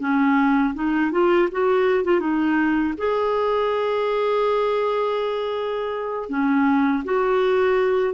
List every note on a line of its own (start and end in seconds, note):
0.00 0.74 C#4
0.74 1.11 D#4
1.11 1.48 F4
1.51 2.04 F#4
2.04 2.20 F4
2.20 2.94 D#4
2.97 6.29 G#4
6.29 7.03 C#4
7.04 8.14 F#4